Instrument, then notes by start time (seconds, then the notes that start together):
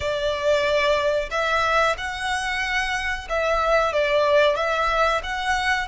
violin
0.00 D5
1.30 E5
1.97 F#5
3.29 E5
3.92 D5
4.56 E5
5.23 F#5